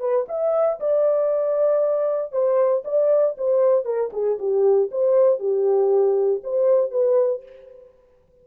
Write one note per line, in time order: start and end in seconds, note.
0.00 0.26 B4
0.28 0.79 E5
0.80 2.32 D5
2.32 2.83 C5
2.85 3.36 D5
3.38 3.85 C5
3.85 4.11 A#4
4.13 4.39 G#4
4.39 4.90 G4
4.91 5.39 C5
5.39 6.42 G4
6.44 6.91 C5
6.91 7.43 B4